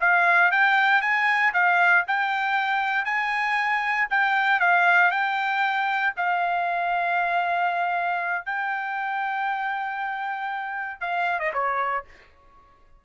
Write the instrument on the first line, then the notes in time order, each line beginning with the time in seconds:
trumpet
0.00 F5
0.51 G5
1.01 G#5
1.53 F5
2.07 G5
3.05 G#5
4.10 G5
4.60 F5
5.11 G5
6.16 F5
8.45 G5
11.00 F5
11.39 D#5
11.53 C#5